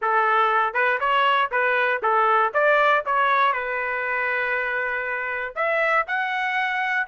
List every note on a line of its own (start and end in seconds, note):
0.01 0.73 A4
0.73 0.98 B4
1.00 1.50 C#5
1.51 2.01 B4
2.02 2.52 A4
2.53 3.04 D5
3.05 3.52 C#5
3.52 5.54 B4
5.55 6.05 E5
6.07 7.07 F#5